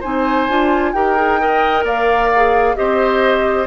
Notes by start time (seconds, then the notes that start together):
0.00 C4 D#4 C5 G#5
0.49 D4 F4
0.93 D#4 G4 A#4 G5
1.16 G#4
1.40 A#4 D#5
1.83 A#3 D5 F5
2.36 G#4
2.76 C4 G4 C5 D#5